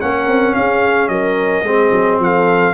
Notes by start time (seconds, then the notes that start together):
0.00 A#3 C#4 A#4 F#5
0.27 C4
0.54 C#4 G#4 F5
1.08 F#3 A#4 D#5
1.63 G#3 C4 G#4
1.92 F#3
2.19 F3 A4 F5